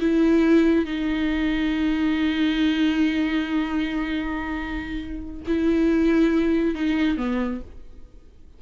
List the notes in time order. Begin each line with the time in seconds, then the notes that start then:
0.00 E4
0.85 D#4
5.47 E4
6.75 D#4
7.17 B3